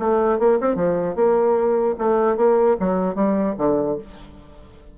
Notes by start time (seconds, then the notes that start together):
0.00 A3
0.40 A#3
0.61 C4
0.76 F3
1.16 A#3
1.99 A3
2.37 A#3
2.80 F#3
3.15 G3
3.58 D3